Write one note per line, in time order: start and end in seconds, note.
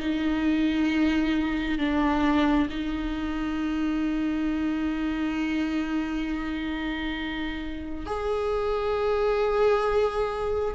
0.00 1.79 D#4
1.79 2.69 D4
2.70 8.07 D#4
8.07 10.75 G#4